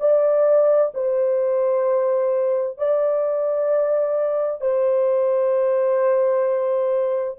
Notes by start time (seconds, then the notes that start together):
0.00 D5
0.94 C5
2.78 D5
4.61 C5